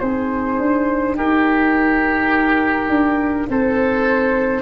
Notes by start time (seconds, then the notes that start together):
0.00 C4 D#4 G#4 C5
0.59 D4
1.16 D#4 G4 A#4
2.89 D4
3.49 C4 A4 C5